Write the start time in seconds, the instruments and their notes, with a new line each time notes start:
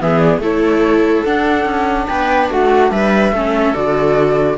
0.00 cello E3, viola B3 G#4, flute E5
0.19 flute D5
0.38 cello A3, viola E4 A4, flute C#5
1.24 viola D4, cello D4, flute F#5
1.65 cello C#4
2.07 cello B3, viola B4, flute G5
2.50 cello A3, viola F#4, flute F#5
2.91 cello G3, viola B4, flute E5
3.32 cello A3, viola C#4 A4
3.74 cello D3, viola F#4, flute D5